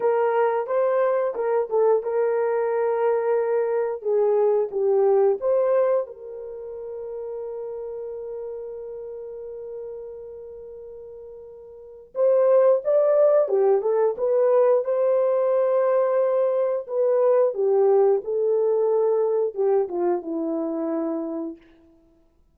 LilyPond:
\new Staff \with { instrumentName = "horn" } { \time 4/4 \tempo 4 = 89 ais'4 c''4 ais'8 a'8 ais'4~ | ais'2 gis'4 g'4 | c''4 ais'2.~ | ais'1~ |
ais'2 c''4 d''4 | g'8 a'8 b'4 c''2~ | c''4 b'4 g'4 a'4~ | a'4 g'8 f'8 e'2 | }